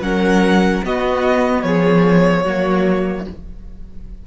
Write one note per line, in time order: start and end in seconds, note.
0.00 0.81 F#3
0.00 0.83 C#4
0.00 0.84 A#4
0.00 0.83 F#5
0.83 2.46 B3
0.83 1.63 B3
0.83 1.65 F#4
0.83 1.62 D#5
1.62 2.44 F3
1.62 2.43 G#4
1.62 3.24 C#5
2.43 3.26 F#3
2.43 3.27 A#3
2.43 3.24 F#4